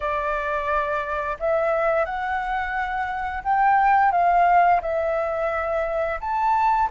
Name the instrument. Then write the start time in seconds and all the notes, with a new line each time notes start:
flute
0.00 D5
1.39 E5
2.05 F#5
3.43 G5
4.11 F5
4.81 E5
6.20 A5